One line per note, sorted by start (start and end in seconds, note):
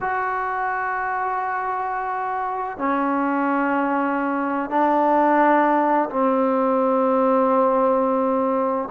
0.01 2.78 F#4
2.78 4.69 C#4
4.69 6.09 D4
6.09 8.88 C4